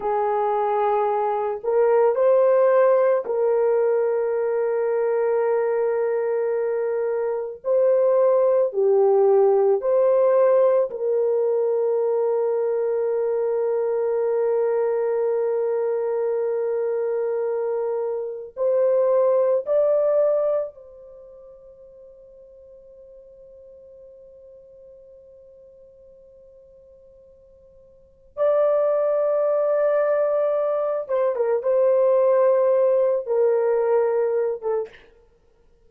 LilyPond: \new Staff \with { instrumentName = "horn" } { \time 4/4 \tempo 4 = 55 gis'4. ais'8 c''4 ais'4~ | ais'2. c''4 | g'4 c''4 ais'2~ | ais'1~ |
ais'4 c''4 d''4 c''4~ | c''1~ | c''2 d''2~ | d''8 c''16 ais'16 c''4. ais'4~ ais'16 a'16 | }